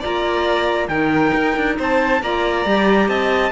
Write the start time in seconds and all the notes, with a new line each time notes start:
0.00 A#3 F4 D5 A#5
0.88 D#3 D#4 A#4 G5
1.34 D#4
1.56 D4
1.78 C4 C5 A5
2.22 A#3 F4 D5 A#5
2.65 G3 G4
3.08 C4 D#5 A5